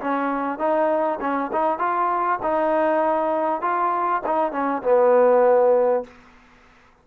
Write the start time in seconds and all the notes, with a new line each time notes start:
0.00 C#4
0.58 D#4
1.20 C#4
1.52 D#4
1.78 F4
2.42 D#4
3.61 F4
4.26 D#4
4.51 C#4
4.82 B3